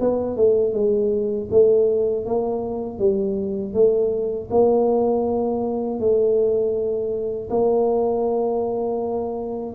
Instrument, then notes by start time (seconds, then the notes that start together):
tuba
0.00 B3
0.36 A3
0.73 G#3
1.51 A3
2.26 A#3
2.99 G3
3.74 A3
4.50 A#3
5.99 A3
7.50 A#3